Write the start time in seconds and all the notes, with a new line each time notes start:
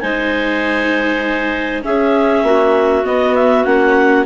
0.00 G#3 D#4 C5 G#5
1.82 C#4 G#4 E5
2.43 A#3 F#4
3.03 B3 D#5
3.35 E5
3.64 A#3 C#4 F#5